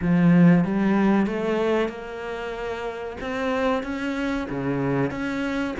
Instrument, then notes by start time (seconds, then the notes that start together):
cello
0.01 F3
0.64 G3
1.26 A3
1.89 A#3
3.20 C4
3.83 C#4
4.50 C#3
5.11 C#4